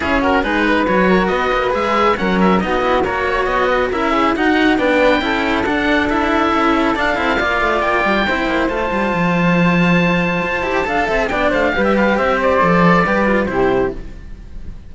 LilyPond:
<<
  \new Staff \with { instrumentName = "oboe" } { \time 4/4 \tempo 4 = 138 gis'8 ais'8 b'4 cis''4 dis''4 | e''4 fis''8 e''8 dis''4 cis''4 | dis''4 e''4 fis''4 g''4~ | g''4 fis''4 e''2 |
f''2 g''2 | a''1~ | a''2 g''8 f''8. e''16 f''8 | e''8 d''2~ d''8 c''4 | }
  \new Staff \with { instrumentName = "flute" } { \time 4/4 e'8 fis'8 gis'8 b'4 ais'8 b'4~ | b'4 ais'4 fis'4 ais'8 cis''8~ | cis''8 b'8 ais'8 gis'8 fis'4 b'4 | a'1~ |
a'4 d''2 c''4~ | c''1~ | c''4 f''8 e''8 d''8 c''8 b'4 | c''2 b'4 g'4 | }
  \new Staff \with { instrumentName = "cello" } { \time 4/4 cis'4 dis'4 fis'2 | gis'4 cis'4 dis'8 e'8 fis'4~ | fis'4 e'4 dis'4 d'4 | e'4 d'4 e'2 |
d'8 e'8 f'2 e'4 | f'1~ | f'8 g'8 a'4 d'4 g'4~ | g'4 a'4 g'8 f'8 e'4 | }
  \new Staff \with { instrumentName = "cello" } { \time 4/4 cis'4 gis4 fis4 b8 ais8 | gis4 fis4 b4 ais4 | b4 cis'4 dis'4 b4 | cis'4 d'2 cis'4 |
d'8 c'8 ais8 a8 ais8 g8 c'8 ais8 | a8 g8 f2. | f'8 e'8 d'8 c'8 b8 a8 g4 | c'4 f4 g4 c4 | }
>>